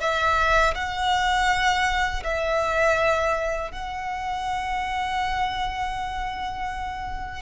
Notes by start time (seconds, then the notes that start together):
0.00 E5
0.75 F#5
2.24 E5
3.71 F#5